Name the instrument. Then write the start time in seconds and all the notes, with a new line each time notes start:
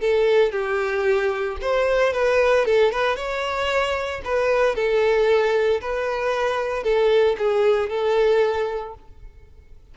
violin
0.00 A4
0.52 G4
1.61 C5
2.13 B4
2.65 A4
2.92 B4
3.16 C#5
4.25 B4
4.75 A4
5.81 B4
6.83 A4
7.38 G#4
7.89 A4